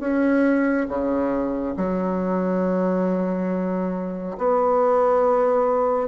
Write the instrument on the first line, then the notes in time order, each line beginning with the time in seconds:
bassoon
0.00 C#4
0.88 C#3
1.77 F#3
4.38 B3